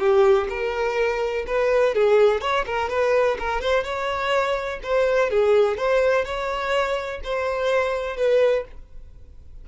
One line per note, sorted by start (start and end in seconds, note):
0.00 0.48 G4
0.50 1.46 A#4
1.47 1.95 B4
1.95 2.41 G#4
2.41 2.65 C#5
2.66 2.90 A#4
2.90 3.38 B4
3.39 3.61 A#4
3.61 3.84 C5
3.84 4.80 C#5
4.83 5.31 C5
5.31 5.78 G#4
5.78 6.25 C5
6.25 7.21 C#5
7.24 8.17 C5
8.17 8.65 B4